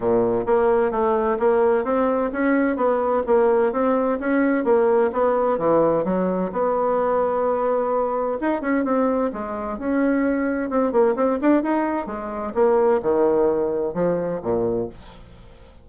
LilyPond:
\new Staff \with { instrumentName = "bassoon" } { \time 4/4 \tempo 4 = 129 ais,4 ais4 a4 ais4 | c'4 cis'4 b4 ais4 | c'4 cis'4 ais4 b4 | e4 fis4 b2~ |
b2 dis'8 cis'8 c'4 | gis4 cis'2 c'8 ais8 | c'8 d'8 dis'4 gis4 ais4 | dis2 f4 ais,4 | }